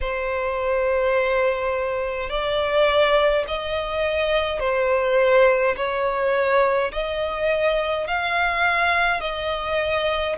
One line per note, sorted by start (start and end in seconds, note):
0.01 2.29 C5
2.29 3.45 D5
3.47 4.59 D#5
4.59 5.75 C5
5.76 6.91 C#5
6.92 8.07 D#5
8.07 9.20 F5
9.20 10.35 D#5